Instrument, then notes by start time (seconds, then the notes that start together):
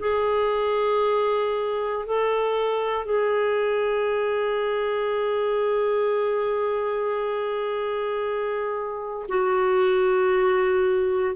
clarinet
0.00 G#4
2.06 A4
3.06 G#4
9.29 F#4